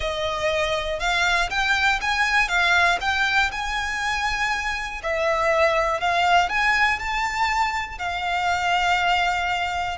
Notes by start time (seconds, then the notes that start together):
0.00 D#5
0.99 F5
1.50 G5
2.01 G#5
2.48 F5
3.00 G5
3.51 G#5
5.02 E5
6.00 F5
6.49 G#5
6.99 A5
7.98 F5